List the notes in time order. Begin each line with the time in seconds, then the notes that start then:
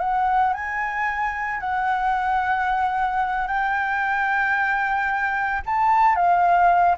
0.00 F#5
0.53 G#5
1.60 F#5
3.47 G5
5.66 A5
6.16 F5